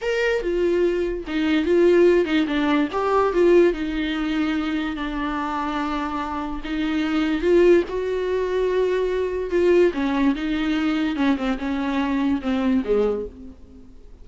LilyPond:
\new Staff \with { instrumentName = "viola" } { \time 4/4 \tempo 4 = 145 ais'4 f'2 dis'4 | f'4. dis'8 d'4 g'4 | f'4 dis'2. | d'1 |
dis'2 f'4 fis'4~ | fis'2. f'4 | cis'4 dis'2 cis'8 c'8 | cis'2 c'4 gis4 | }